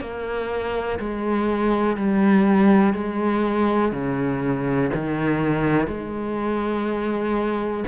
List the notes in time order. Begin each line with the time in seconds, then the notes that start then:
0.00 A#3
0.99 G#3
1.96 G3
2.94 G#3
3.92 C#3
4.94 D#3
5.87 G#3